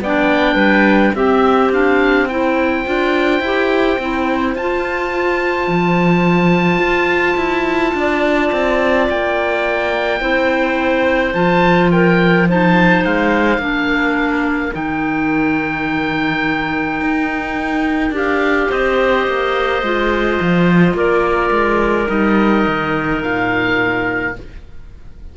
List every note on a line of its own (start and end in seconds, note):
0.00 0.54 B3
0.00 1.14 D4
0.00 0.55 D5
0.00 1.15 G5
0.54 1.11 G3
0.54 1.11 B4
1.14 1.71 C4
1.14 2.84 C4
1.14 2.27 G4
1.14 1.71 E5
1.71 2.28 D4
1.71 2.28 F5
2.27 2.84 E4
2.27 7.93 C5
2.27 4.54 G5
2.84 3.40 D4
2.84 3.41 F4
3.40 3.96 E4
3.40 4.00 G4
3.98 4.54 C4
3.98 4.56 E4
4.54 5.67 F4
4.54 10.21 F4
4.54 9.08 A5
5.67 6.78 F3
6.78 7.35 F4
7.36 7.93 E4
7.94 8.50 D4
7.94 10.21 D5
8.51 9.08 C4
9.09 10.20 A#3
9.09 11.33 G5
10.20 11.33 C4
10.20 11.34 E4
10.20 11.90 C5
11.33 13.04 F3
11.33 12.47 F4
11.33 11.90 A5
11.91 12.48 A#4
11.91 12.47 G5
12.48 13.59 D#4
12.48 13.61 C5
12.48 13.04 A5
13.04 13.58 G#3
13.04 14.74 F5
13.58 14.71 A#3
13.58 14.72 D4
13.58 18.69 A#4
14.72 17.00 D#3
14.72 18.12 D#4
14.72 18.14 G5
17.00 18.10 D#4
18.10 18.66 D4
18.10 19.82 G4
18.16 18.72 F5
18.69 19.27 C4
18.69 20.95 C5
18.69 20.97 D#5
19.27 19.82 A#3
19.82 20.39 G#3
19.82 22.06 F4
20.40 20.93 F3
20.93 21.50 A#3
20.93 24.35 A#4
20.93 22.09 D5
21.51 22.07 G#3
22.06 22.66 G3
22.06 24.33 D#4
22.06 23.22 D#5
22.67 23.23 D#3
23.22 24.36 A#2
23.22 24.35 F5